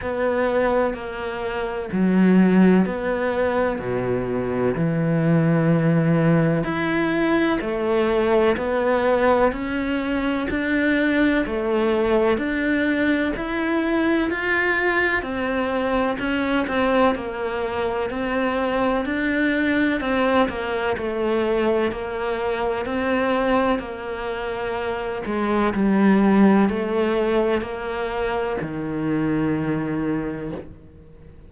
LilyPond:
\new Staff \with { instrumentName = "cello" } { \time 4/4 \tempo 4 = 63 b4 ais4 fis4 b4 | b,4 e2 e'4 | a4 b4 cis'4 d'4 | a4 d'4 e'4 f'4 |
c'4 cis'8 c'8 ais4 c'4 | d'4 c'8 ais8 a4 ais4 | c'4 ais4. gis8 g4 | a4 ais4 dis2 | }